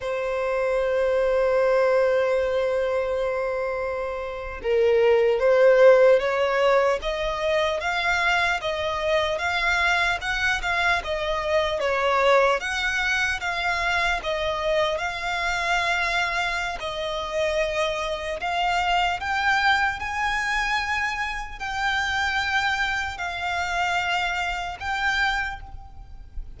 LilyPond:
\new Staff \with { instrumentName = "violin" } { \time 4/4 \tempo 4 = 75 c''1~ | c''4.~ c''16 ais'4 c''4 cis''16~ | cis''8. dis''4 f''4 dis''4 f''16~ | f''8. fis''8 f''8 dis''4 cis''4 fis''16~ |
fis''8. f''4 dis''4 f''4~ f''16~ | f''4 dis''2 f''4 | g''4 gis''2 g''4~ | g''4 f''2 g''4 | }